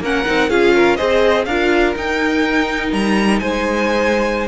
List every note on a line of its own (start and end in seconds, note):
0.00 0.24 A#3
0.00 0.26 C#4
0.00 0.50 A#4
0.00 0.50 F#5
0.26 0.51 C4
0.26 0.50 D#4
0.50 0.99 C#4
0.50 0.98 F4
0.50 0.75 G#4
0.50 0.97 F5
0.75 0.97 A#4
0.97 1.47 C4
0.97 1.46 G#4
0.97 1.45 C5
0.97 1.45 D#5
1.46 1.95 D4
1.46 1.96 F4
1.46 3.42 A#4
1.46 1.94 F5
1.96 4.48 D#4
1.96 2.93 D#4
1.96 2.93 G5
2.93 3.42 G3
2.93 3.40 A#5
3.40 4.48 G#3
3.40 4.48 C5
3.40 4.48 G#5